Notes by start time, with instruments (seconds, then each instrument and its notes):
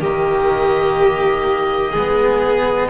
0.00 double bass D#3, cello A#3, violin G4, oboe D#5
1.92 double bass G#3, cello B3, violin G#4